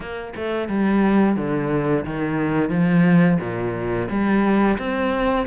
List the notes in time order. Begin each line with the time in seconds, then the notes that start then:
0.00 A#3
0.36 A3
0.68 G3
1.36 D3
2.05 D#3
2.69 F3
3.40 A#2
4.09 G3
4.78 C4